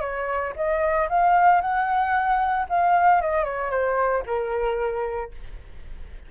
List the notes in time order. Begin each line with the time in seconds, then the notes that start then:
0.00 C#5
0.56 D#5
1.09 F5
1.61 F#5
2.69 F5
3.21 D#5
3.44 C#5
3.70 C5
4.26 A#4